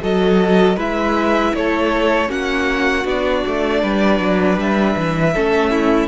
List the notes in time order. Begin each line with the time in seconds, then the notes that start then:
0.00 F#3 F#4 A4 D#5
0.77 G#3 E4 B4 E5
1.55 A3 A4 C#5
2.28 A#3 C#4 F#4 F#5
3.04 B3 D4 D5
3.46 A3
3.82 G3 B4
4.19 F#3
4.57 G3 E5
4.97 E3
5.34 A3 C#4 A4
5.71 E4